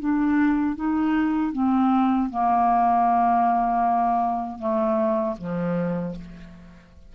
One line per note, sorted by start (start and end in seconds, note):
0.00 0.76 D4
0.76 1.53 D#4
1.53 2.30 C4
2.30 4.59 A#3
4.59 5.36 A3
5.38 6.15 F3